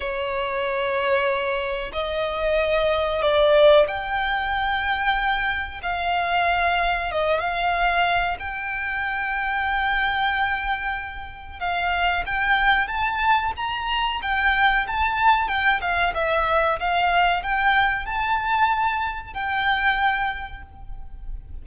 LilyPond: \new Staff \with { instrumentName = "violin" } { \time 4/4 \tempo 4 = 93 cis''2. dis''4~ | dis''4 d''4 g''2~ | g''4 f''2 dis''8 f''8~ | f''4 g''2.~ |
g''2 f''4 g''4 | a''4 ais''4 g''4 a''4 | g''8 f''8 e''4 f''4 g''4 | a''2 g''2 | }